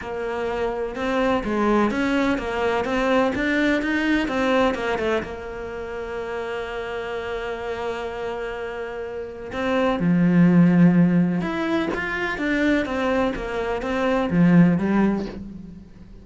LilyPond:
\new Staff \with { instrumentName = "cello" } { \time 4/4 \tempo 4 = 126 ais2 c'4 gis4 | cis'4 ais4 c'4 d'4 | dis'4 c'4 ais8 a8 ais4~ | ais1~ |
ais1 | c'4 f2. | e'4 f'4 d'4 c'4 | ais4 c'4 f4 g4 | }